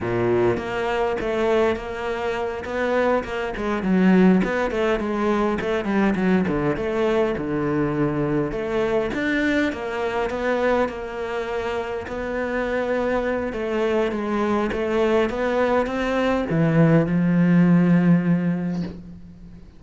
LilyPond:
\new Staff \with { instrumentName = "cello" } { \time 4/4 \tempo 4 = 102 ais,4 ais4 a4 ais4~ | ais8 b4 ais8 gis8 fis4 b8 | a8 gis4 a8 g8 fis8 d8 a8~ | a8 d2 a4 d'8~ |
d'8 ais4 b4 ais4.~ | ais8 b2~ b8 a4 | gis4 a4 b4 c'4 | e4 f2. | }